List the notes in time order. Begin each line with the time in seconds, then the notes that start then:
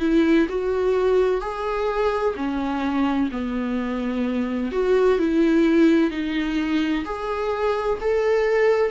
0.00 E4
0.49 F#4
1.41 G#4
2.36 C#4
3.32 B3
4.72 F#4
5.18 E4
6.11 D#4
7.05 G#4
8.00 A4